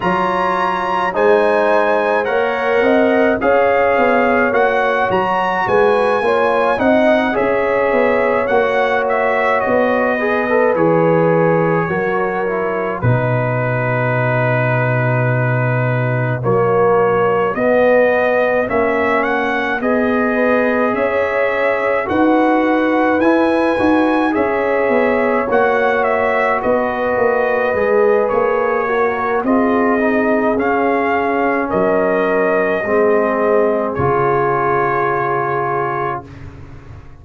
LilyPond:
<<
  \new Staff \with { instrumentName = "trumpet" } { \time 4/4 \tempo 4 = 53 ais''4 gis''4 fis''4 f''4 | fis''8 ais''8 gis''4 fis''8 e''4 fis''8 | e''8 dis''4 cis''2 b'8~ | b'2~ b'8 cis''4 dis''8~ |
dis''8 e''8 fis''8 dis''4 e''4 fis''8~ | fis''8 gis''4 e''4 fis''8 e''8 dis''8~ | dis''4 cis''4 dis''4 f''4 | dis''2 cis''2 | }
  \new Staff \with { instrumentName = "horn" } { \time 4/4 cis''4 c''4 cis''8 dis''8 cis''4~ | cis''4 b'8 cis''8 dis''8 cis''4.~ | cis''4 b'4. ais'4 fis'8~ | fis'1~ |
fis'2 b'8 cis''4 b'8~ | b'4. cis''2 b'8~ | b'4. ais'8 gis'2 | ais'4 gis'2. | }
  \new Staff \with { instrumentName = "trombone" } { \time 4/4 f'4 dis'4 ais'4 gis'4 | fis'4. f'8 dis'8 gis'4 fis'8~ | fis'4 gis'16 a'16 gis'4 fis'8 e'8 dis'8~ | dis'2~ dis'8 ais4 b8~ |
b8 cis'4 gis'2 fis'8~ | fis'8 e'8 fis'8 gis'4 fis'4.~ | fis'8 gis'4 fis'8 f'8 dis'8 cis'4~ | cis'4 c'4 f'2 | }
  \new Staff \with { instrumentName = "tuba" } { \time 4/4 fis4 gis4 ais8 c'8 cis'8 b8 | ais8 fis8 gis8 ais8 c'8 cis'8 b8 ais8~ | ais8 b4 e4 fis4 b,8~ | b,2~ b,8 fis4 b8~ |
b8 ais4 b4 cis'4 dis'8~ | dis'8 e'8 dis'8 cis'8 b8 ais4 b8 | ais8 gis8 ais4 c'4 cis'4 | fis4 gis4 cis2 | }
>>